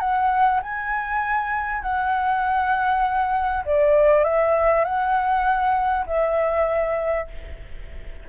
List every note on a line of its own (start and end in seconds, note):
0.00 0.61 F#5
0.63 1.82 G#5
1.82 3.64 F#5
3.66 4.24 D5
4.24 4.85 E5
4.85 6.06 F#5
6.07 7.28 E5